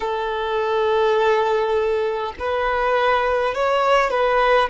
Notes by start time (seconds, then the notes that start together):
0.00 A4
2.39 B4
3.54 C#5
4.10 B4